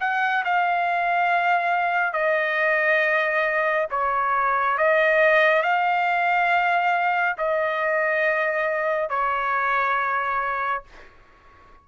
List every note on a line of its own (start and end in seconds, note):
0.00 0.43 F#5
0.45 2.13 F5
2.13 3.87 D#5
3.91 4.77 C#5
4.77 5.62 D#5
5.62 7.36 F5
7.38 9.09 D#5
9.09 10.83 C#5